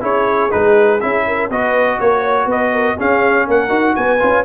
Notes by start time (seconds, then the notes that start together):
0.00 C#4 E4 G#4 C#5
0.50 G#3 D#4 B4
1.00 C#4 E4 E5
1.26 A#4
1.49 B3 F#4 B4 D#5
1.99 A#3 A#4 C#5
2.20 C#5
2.45 B3 B4 D#5
2.72 A#4
2.97 C#4 G#4 F5
3.46 A#3 A#4 F#5
3.69 D#4 F#4
3.95 B3 B4 G#5
4.19 C#4 F4